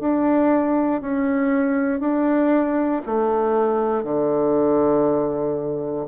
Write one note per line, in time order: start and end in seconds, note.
0.00 1.01 D4
1.01 2.00 C#4
2.00 3.01 D4
3.06 4.04 A3
4.04 6.07 D3